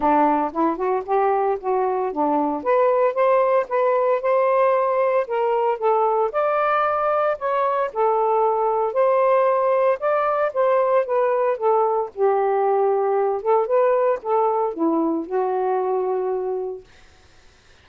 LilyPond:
\new Staff \with { instrumentName = "saxophone" } { \time 4/4 \tempo 4 = 114 d'4 e'8 fis'8 g'4 fis'4 | d'4 b'4 c''4 b'4 | c''2 ais'4 a'4 | d''2 cis''4 a'4~ |
a'4 c''2 d''4 | c''4 b'4 a'4 g'4~ | g'4. a'8 b'4 a'4 | e'4 fis'2. | }